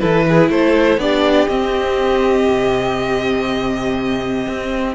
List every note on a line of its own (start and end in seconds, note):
0.00 0.49 E3
0.00 1.00 E4
0.00 0.26 A4
0.00 0.50 B4
0.29 0.52 G#4
0.49 0.98 A3
0.49 1.01 A4
0.49 1.00 C5
0.98 1.47 B3
0.98 1.49 D4
0.98 4.95 G4
0.98 1.49 D5
1.48 2.48 C4
1.48 4.95 C4
1.48 4.95 D#5
2.49 4.48 C3
4.48 4.95 C4